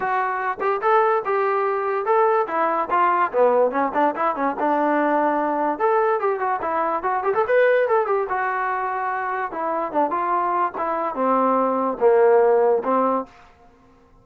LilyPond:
\new Staff \with { instrumentName = "trombone" } { \time 4/4 \tempo 4 = 145 fis'4. g'8 a'4 g'4~ | g'4 a'4 e'4 f'4 | b4 cis'8 d'8 e'8 cis'8 d'4~ | d'2 a'4 g'8 fis'8 |
e'4 fis'8 g'16 a'16 b'4 a'8 g'8 | fis'2. e'4 | d'8 f'4. e'4 c'4~ | c'4 ais2 c'4 | }